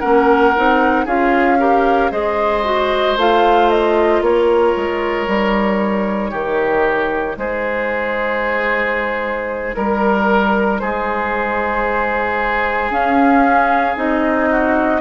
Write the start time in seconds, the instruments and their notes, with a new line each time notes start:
0.00 bassoon A#3, clarinet C#4, oboe A#4, flute F#5
0.56 bassoon C4, clarinet D#4
1.05 bassoon C#4, clarinet F4, oboe G#4, flute F5
1.59 clarinet G4, oboe A#4
2.12 bassoon G#3, clarinet G#4, oboe C5, flute D#5
2.64 clarinet F#4
3.17 bassoon A3, clarinet F4, flute F5
3.70 flute D#5
4.21 bassoon A#3, oboe A#4, flute C#5
4.77 bassoon G#3
5.27 bassoon G3, clarinet D#4
6.31 bassoon D#3, oboe G4
7.37 bassoon G#3, oboe G#4, flute C5
9.75 bassoon G3, flute A#4, oboe A#4
10.80 bassoon G#3, oboe G#4, flute C5
12.90 clarinet C#4, bassoon C#4, flute F5
13.96 bassoon C4, clarinet D#4, flute D#5
14.51 oboe F#4